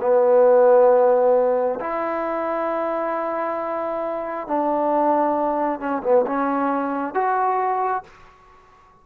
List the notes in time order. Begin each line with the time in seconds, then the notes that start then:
0.00 B3
1.80 E4
4.47 D4
5.80 C#4
6.03 B3
6.26 C#4
7.14 F#4